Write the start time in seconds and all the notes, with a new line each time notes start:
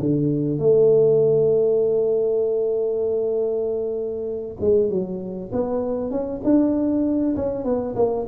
0.00 D3
0.59 A3
4.60 G#3
4.90 F#3
5.52 B3
6.11 C#4
6.44 D4
7.36 C#4
7.64 B3
7.96 A#3